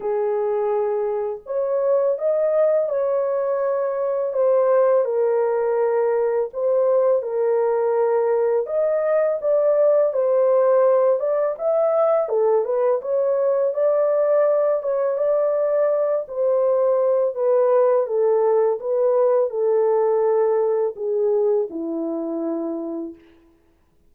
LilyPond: \new Staff \with { instrumentName = "horn" } { \time 4/4 \tempo 4 = 83 gis'2 cis''4 dis''4 | cis''2 c''4 ais'4~ | ais'4 c''4 ais'2 | dis''4 d''4 c''4. d''8 |
e''4 a'8 b'8 cis''4 d''4~ | d''8 cis''8 d''4. c''4. | b'4 a'4 b'4 a'4~ | a'4 gis'4 e'2 | }